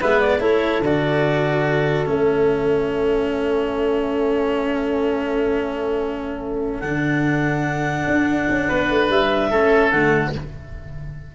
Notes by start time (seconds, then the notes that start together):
0.00 G#3 B3 B4 E5
0.20 D5
0.40 A3 E4 A4 C#5
0.81 D3 F#4 D5
2.06 A3 C#4 E5
6.80 D3 D4 F#5
8.07 D4
8.49 C#4
8.68 B3 B4
8.90 A3
9.09 G3 E5
9.50 A3 C#4 A4
9.91 D3 A3 F#5